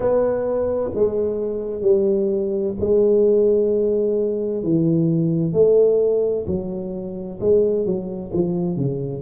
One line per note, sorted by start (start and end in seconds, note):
0.00 0.90 B3
0.94 1.81 G#3
1.81 2.74 G3
2.79 4.63 G#3
4.63 5.52 E3
5.52 6.44 A3
6.46 7.38 F#3
7.40 7.85 G#3
7.85 8.31 F#3
8.33 8.76 F3
8.76 9.22 C#3